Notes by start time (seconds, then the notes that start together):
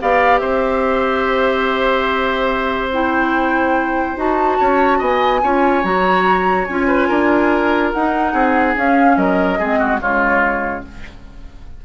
0.00 B3 G4 D5 F5
0.38 C4 C5 E5
2.92 E4 G5
4.16 D#4 F#4 A5
4.59 C#4 C#5
4.98 B3 D#5 G#5
5.42 C#4 F4 C#5
5.83 F#3 F#4 A#5
6.65 C#4 F4 G#5
6.87 B4
7.08 D4 A#4
7.92 D#4 F#5
8.32 C4 G#4
8.76 C#4 F5
9.16 F#3 A#4 D#5
9.58 G#3 C4 G#4
9.79 F#4
9.99 C#3 G#3 F4 C#5